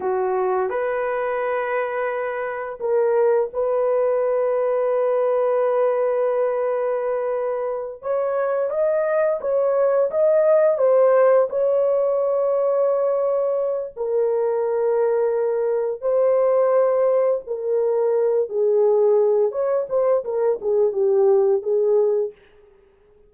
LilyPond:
\new Staff \with { instrumentName = "horn" } { \time 4/4 \tempo 4 = 86 fis'4 b'2. | ais'4 b'2.~ | b'2.~ b'8 cis''8~ | cis''8 dis''4 cis''4 dis''4 c''8~ |
c''8 cis''2.~ cis''8 | ais'2. c''4~ | c''4 ais'4. gis'4. | cis''8 c''8 ais'8 gis'8 g'4 gis'4 | }